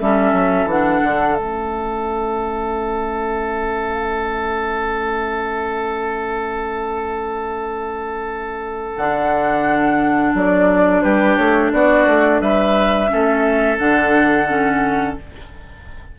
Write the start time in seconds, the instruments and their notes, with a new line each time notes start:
0.00 bassoon G3, clarinet C#4, oboe A4, flute E5
0.33 bassoon F#3
0.65 bassoon E3, clarinet D4, flute F#5
1.04 bassoon D3
1.36 bassoon A3, clarinet C#4, flute E5
8.97 bassoon D3, clarinet D4, flute F#5
10.34 bassoon F#3, flute D5
11.02 bassoon G3, oboe G4, flute B4
11.36 bassoon A3, flute C#5
11.73 bassoon B3, oboe F#4, flute D5
12.06 bassoon A3
12.41 bassoon G3, oboe B4, flute E5
13.08 bassoon A3, clarinet C#4, oboe A4
13.78 bassoon D3, clarinet D4, flute F#5
14.48 clarinet C#4